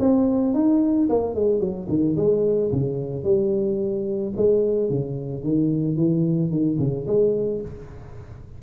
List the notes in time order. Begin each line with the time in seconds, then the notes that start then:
0.00 C4
0.55 D#4
1.10 A#3
1.35 G#3
1.60 F#3
1.89 D#3
2.17 G#3
2.73 C#3
3.24 G3
4.37 G#3
4.90 C#3
5.44 D#3
5.97 E3
6.51 D#3
6.80 C#3
7.07 G#3